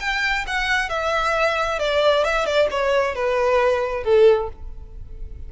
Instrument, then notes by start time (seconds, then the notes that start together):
violin
0.00 G5
0.47 F#5
0.89 E5
1.79 D5
2.24 E5
2.46 D5
2.71 C#5
3.15 B4
4.04 A4